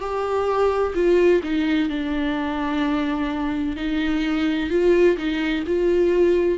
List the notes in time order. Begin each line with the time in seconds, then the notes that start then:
0.00 G4
0.95 F4
1.43 D#4
1.89 D4
3.76 D#4
4.70 F4
5.17 D#4
5.66 F4